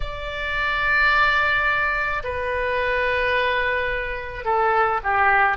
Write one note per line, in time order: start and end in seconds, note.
0.00 2.22 D5
2.23 4.44 B4
4.44 5.00 A4
5.03 5.57 G4